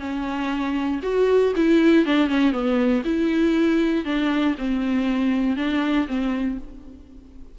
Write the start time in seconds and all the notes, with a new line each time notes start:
0.00 C#4
1.03 F#4
1.56 E4
2.06 D4
2.28 C#4
2.52 B3
3.05 E4
4.05 D4
4.58 C4
5.56 D4
6.08 C4